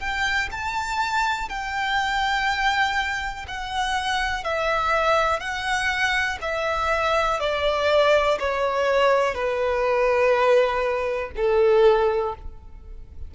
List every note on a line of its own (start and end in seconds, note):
0.00 0.49 G5
0.52 1.49 A5
1.49 3.46 G5
3.48 4.44 F#5
4.44 5.40 E5
5.40 6.38 F#5
6.42 7.40 E5
7.40 8.38 D5
8.40 9.35 C#5
9.35 11.32 B4
11.37 12.35 A4